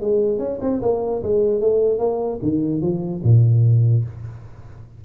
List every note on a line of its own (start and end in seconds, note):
0.00 0.39 G#3
0.39 0.59 C#4
0.61 0.81 C4
0.82 1.22 A#3
1.23 1.60 G#3
1.60 1.98 A3
1.98 2.39 A#3
2.42 2.81 D#3
2.81 3.22 F3
3.23 4.04 A#2